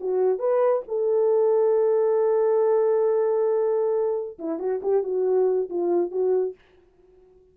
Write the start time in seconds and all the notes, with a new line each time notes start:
0.00 F#4
0.38 B4
0.88 A4
4.38 E4
4.59 F#4
4.82 G4
5.03 F#4
5.69 F4
6.11 F#4